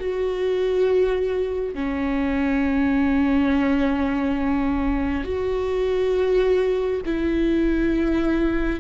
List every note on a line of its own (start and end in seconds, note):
0.00 1.75 F#4
1.75 5.25 C#4
5.25 7.01 F#4
7.06 8.81 E4